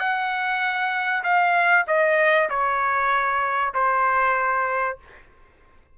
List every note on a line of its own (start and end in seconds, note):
0.00 1.24 F#5
1.24 1.86 F5
1.88 2.50 D#5
2.50 3.74 C#5
3.75 4.98 C5